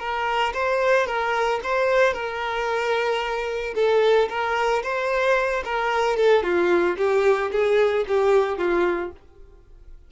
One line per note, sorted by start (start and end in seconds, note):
0.00 0.54 A#4
0.54 1.07 C5
1.07 1.61 A#4
1.64 2.14 C5
2.14 3.75 A#4
3.75 4.29 A4
4.30 4.83 A#4
4.84 5.64 C5
5.65 6.17 A#4
6.17 6.44 A4
6.44 6.97 F4
6.98 7.51 G4
7.52 8.06 G#4
8.08 8.58 G4
8.58 9.12 F4